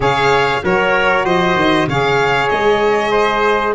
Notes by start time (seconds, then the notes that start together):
0.00 C#3 G#4 C#5 F5
0.63 F#3 F#4 A#4 C#5
1.24 F3 C5 D#5
1.55 D#3
1.87 C#3 G#4 C#5 F5
2.48 G#3 D#5
3.11 C5